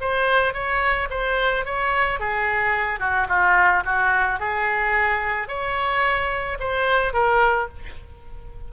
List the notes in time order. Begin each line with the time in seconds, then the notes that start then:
0.00 C5
0.53 C#5
1.10 C5
1.65 C#5
2.19 G#4
2.99 F#4
3.28 F4
3.85 F#4
4.39 G#4
5.48 C#5
6.59 C5
7.13 A#4